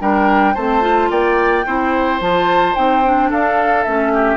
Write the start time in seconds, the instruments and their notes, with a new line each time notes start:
0.00 bassoon G3, clarinet D4, oboe A#4, flute G5
0.54 bassoon A3, clarinet C4, oboe C5, flute A5
0.81 clarinet F4
1.10 bassoon A#3, oboe D5, flute G5
1.66 bassoon C4, clarinet E4, oboe C5
2.20 bassoon F3, clarinet F4, flute A5
2.75 bassoon C4, clarinet D#4, flute G5
3.04 clarinet D4
3.29 bassoon D4, oboe A4, flute F5
3.83 bassoon A3, clarinet C#4, flute E5
4.13 oboe G4